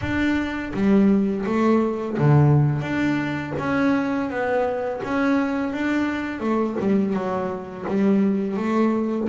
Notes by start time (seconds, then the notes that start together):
0.01 D4
0.73 G3
1.46 A3
2.18 D3
2.81 D4
3.58 C#4
4.30 B3
5.04 C#4
5.72 D4
6.40 A3
6.79 G3
7.13 F#3
7.88 G3
8.56 A3